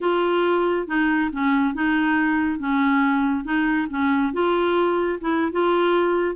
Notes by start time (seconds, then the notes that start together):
0.00 F4
0.87 D#4
1.32 C#4
1.74 D#4
2.59 C#4
3.44 D#4
3.89 C#4
4.33 F4
5.20 E4
5.51 F4